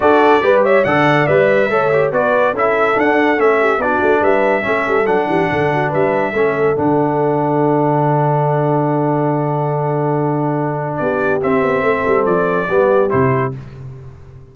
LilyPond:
<<
  \new Staff \with { instrumentName = "trumpet" } { \time 4/4 \tempo 4 = 142 d''4. e''8 fis''4 e''4~ | e''4 d''4 e''4 fis''4 | e''4 d''4 e''2 | fis''2 e''2 |
fis''1~ | fis''1~ | fis''2 d''4 e''4~ | e''4 d''2 c''4 | }
  \new Staff \with { instrumentName = "horn" } { \time 4/4 a'4 b'8 cis''8 d''2 | cis''4 b'4 a'2~ | a'8 g'8 fis'4 b'4 a'4~ | a'8 g'8 a'8 fis'8 b'4 a'4~ |
a'1~ | a'1~ | a'2 g'2 | a'2 g'2 | }
  \new Staff \with { instrumentName = "trombone" } { \time 4/4 fis'4 g'4 a'4 b'4 | a'8 g'8 fis'4 e'4 d'4 | cis'4 d'2 cis'4 | d'2. cis'4 |
d'1~ | d'1~ | d'2. c'4~ | c'2 b4 e'4 | }
  \new Staff \with { instrumentName = "tuba" } { \time 4/4 d'4 g4 d4 g4 | a4 b4 cis'4 d'4 | a4 b8 a8 g4 a8 g8 | fis8 e8 d4 g4 a4 |
d1~ | d1~ | d2 b4 c'8 b8 | a8 g8 f4 g4 c4 | }
>>